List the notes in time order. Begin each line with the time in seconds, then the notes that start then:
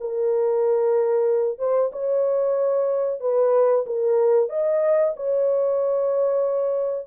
0.00 A#4
1.58 C5
1.92 C#5
3.20 B4
3.86 A#4
4.49 D#5
5.16 C#5